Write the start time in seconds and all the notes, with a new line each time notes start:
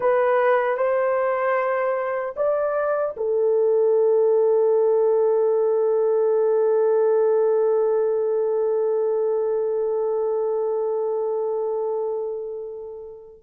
0.00 B4
0.77 C5
2.36 D5
3.16 A4